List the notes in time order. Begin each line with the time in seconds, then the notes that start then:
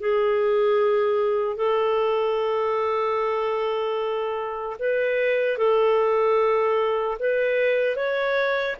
0.00 G#4
1.56 A4
4.79 B4
5.58 A4
7.19 B4
7.96 C#5